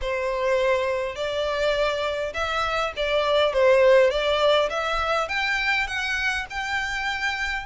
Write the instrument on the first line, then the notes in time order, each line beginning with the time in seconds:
violin
0.01 C5
1.15 D5
2.33 E5
2.96 D5
3.53 C5
4.10 D5
4.69 E5
5.28 G5
5.87 F#5
6.50 G5